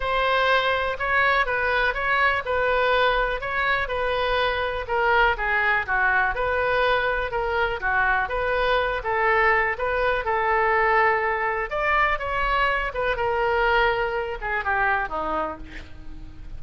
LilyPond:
\new Staff \with { instrumentName = "oboe" } { \time 4/4 \tempo 4 = 123 c''2 cis''4 b'4 | cis''4 b'2 cis''4 | b'2 ais'4 gis'4 | fis'4 b'2 ais'4 |
fis'4 b'4. a'4. | b'4 a'2. | d''4 cis''4. b'8 ais'4~ | ais'4. gis'8 g'4 dis'4 | }